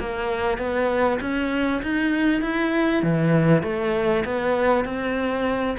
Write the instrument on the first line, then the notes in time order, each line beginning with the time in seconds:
cello
0.00 A#3
0.59 B3
1.21 C#4
1.83 D#4
2.42 E4
3.03 E3
3.63 A3
4.25 B3
4.85 C4